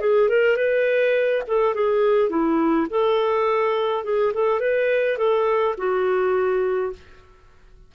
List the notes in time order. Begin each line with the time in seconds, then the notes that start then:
0.00 G#4
0.28 A#4
0.56 B4
1.47 A4
1.74 G#4
2.29 E4
2.90 A4
4.04 G#4
4.33 A4
4.60 B4
5.17 A4
5.77 F#4